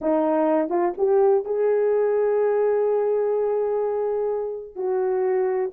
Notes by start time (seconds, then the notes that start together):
0.01 D#4
0.69 F4
0.97 G4
1.45 G#4
4.75 F#4